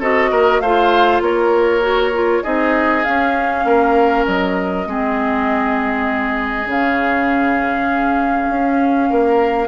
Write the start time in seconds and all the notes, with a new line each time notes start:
0.00 C4 F#4 A4 D#5
0.31 A#3 A#4
0.60 A3 F4 C5 F5
1.21 A#3 A#4 C#5
1.81 F#4
2.14 F4
2.43 C4 D#4 G#4 D#5
3.04 C#4 F5
3.64 A#3 A#4
4.27 F#3 D#5
4.86 G#3 C4 G#4
6.67 C#3 C#4 F5
8.50 C#4
9.10 A#3 A#4